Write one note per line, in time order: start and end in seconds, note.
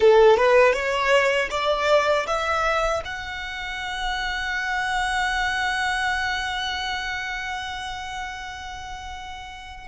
0.00 0.37 A4
0.37 0.72 B4
0.72 1.48 C#5
1.50 2.26 D5
2.26 3.02 E5
3.04 9.87 F#5